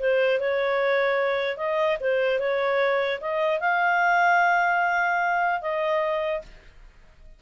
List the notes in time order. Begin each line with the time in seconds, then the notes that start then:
0.00 C5
0.40 C#5
1.58 D#5
2.01 C5
2.40 C#5
3.21 D#5
3.61 F5
5.62 D#5